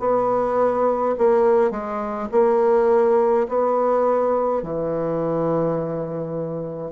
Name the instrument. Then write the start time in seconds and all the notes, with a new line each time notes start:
bassoon
0.00 B3
1.19 A#3
1.71 G#3
2.32 A#3
3.49 B3
4.63 E3